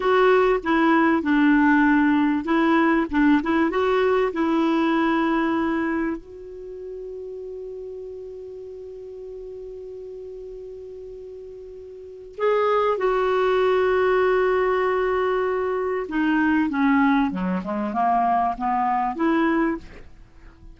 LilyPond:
\new Staff \with { instrumentName = "clarinet" } { \time 4/4 \tempo 4 = 97 fis'4 e'4 d'2 | e'4 d'8 e'8 fis'4 e'4~ | e'2 fis'2~ | fis'1~ |
fis'1 | gis'4 fis'2.~ | fis'2 dis'4 cis'4 | fis8 gis8 ais4 b4 e'4 | }